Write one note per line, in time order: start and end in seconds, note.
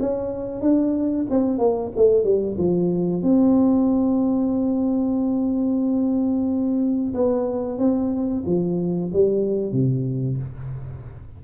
0.00 0.61 C#4
0.61 1.27 D4
1.30 1.59 C4
1.59 1.91 A#3
1.96 2.24 A3
2.24 2.56 G3
2.58 3.23 F3
3.23 7.14 C4
7.14 7.78 B3
7.78 8.44 C4
8.46 9.11 F3
9.13 9.72 G3
9.72 10.37 C3